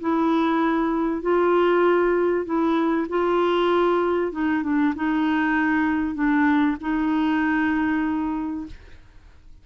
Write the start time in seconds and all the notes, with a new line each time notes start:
0.00 E4
1.22 F4
2.45 E4
3.09 F4
4.32 D#4
4.63 D4
4.95 D#4
6.14 D4
6.80 D#4